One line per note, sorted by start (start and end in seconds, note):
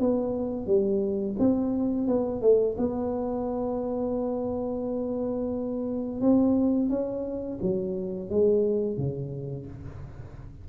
0.00 0.67 B3
0.67 1.36 G3
1.39 2.08 C4
2.08 2.42 B3
2.42 2.76 A3
2.78 6.21 B3
6.21 6.90 C4
6.90 7.59 C#4
7.62 8.30 F#3
8.30 8.98 G#3
8.98 9.67 C#3